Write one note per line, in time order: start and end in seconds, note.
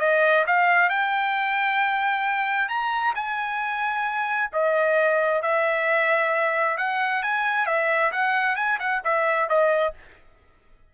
0.00 0.45 D#5
0.47 0.89 F5
0.89 2.69 G5
2.69 3.14 A#5
3.15 4.51 G#5
4.53 5.42 D#5
5.42 6.78 E5
6.78 7.23 F#5
7.23 7.66 G#5
7.66 8.11 E5
8.12 8.56 F#5
8.56 8.78 G#5
8.79 9.02 F#5
9.04 9.49 E5
9.49 9.94 D#5